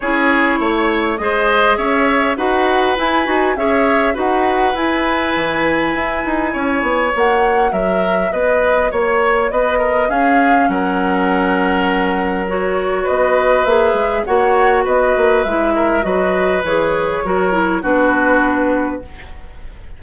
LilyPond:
<<
  \new Staff \with { instrumentName = "flute" } { \time 4/4 \tempo 4 = 101 cis''2 dis''4 e''4 | fis''4 gis''4 e''4 fis''4 | gis''1 | fis''4 e''4 dis''4 cis''4 |
dis''4 f''4 fis''2~ | fis''4 cis''4 dis''4 e''4 | fis''4 dis''4 e''4 dis''4 | cis''2 b'2 | }
  \new Staff \with { instrumentName = "oboe" } { \time 4/4 gis'4 cis''4 c''4 cis''4 | b'2 cis''4 b'4~ | b'2. cis''4~ | cis''4 ais'4 b'4 cis''4 |
b'8 ais'8 gis'4 ais'2~ | ais'2 b'2 | cis''4 b'4. ais'8 b'4~ | b'4 ais'4 fis'2 | }
  \new Staff \with { instrumentName = "clarinet" } { \time 4/4 e'2 gis'2 | fis'4 e'8 fis'8 gis'4 fis'4 | e'1 | fis'1~ |
fis'4 cis'2.~ | cis'4 fis'2 gis'4 | fis'2 e'4 fis'4 | gis'4 fis'8 e'8 d'2 | }
  \new Staff \with { instrumentName = "bassoon" } { \time 4/4 cis'4 a4 gis4 cis'4 | dis'4 e'8 dis'8 cis'4 dis'4 | e'4 e4 e'8 dis'8 cis'8 b8 | ais4 fis4 b4 ais4 |
b4 cis'4 fis2~ | fis2 b4 ais8 gis8 | ais4 b8 ais8 gis4 fis4 | e4 fis4 b2 | }
>>